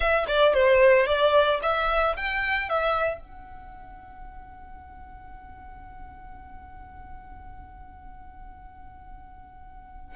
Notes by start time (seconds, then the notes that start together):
0.00 E5
0.27 D5
0.53 C5
1.06 D5
1.62 E5
2.16 G5
2.69 E5
3.20 F#5